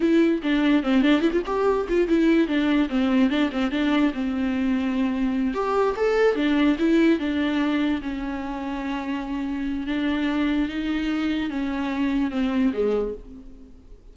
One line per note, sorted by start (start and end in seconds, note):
0.00 0.41 E4
0.43 0.83 D4
0.83 1.02 C4
1.02 1.21 D4
1.21 1.31 E4
1.32 1.42 F4
1.46 1.87 G4
1.88 2.08 F4
2.08 2.47 E4
2.47 2.88 D4
2.89 3.30 C4
3.30 3.50 D4
3.51 3.71 C4
3.71 4.12 D4
4.13 5.54 C4
5.54 5.95 G4
5.96 6.35 A4
6.35 6.76 D4
6.78 7.19 E4
7.19 8.01 D4
8.01 9.86 C#4
9.86 10.68 D4
10.68 11.50 D#4
11.50 12.30 C#4
12.30 12.71 C4
12.73 13.14 G#3